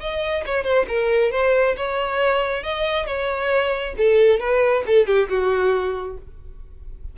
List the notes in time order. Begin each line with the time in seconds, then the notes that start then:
0.00 D#5
0.46 C#5
0.64 C5
0.88 A#4
1.32 C5
1.77 C#5
2.63 D#5
3.06 C#5
3.97 A4
4.40 B4
4.86 A4
5.07 G4
5.29 F#4